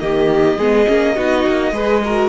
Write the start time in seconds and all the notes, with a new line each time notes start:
0.00 D#3 A#3 G4 D#5
0.58 G#3 B3 G#4
0.87 A#3 C#4
1.16 B3 D#4 F#4
1.47 A#3
1.72 G#3 G#4 B4
2.05 F#4 A#4